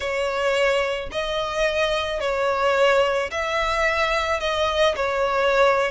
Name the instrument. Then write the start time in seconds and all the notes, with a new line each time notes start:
violin
0.00 C#5
1.11 D#5
2.20 C#5
3.30 E5
4.40 D#5
4.95 C#5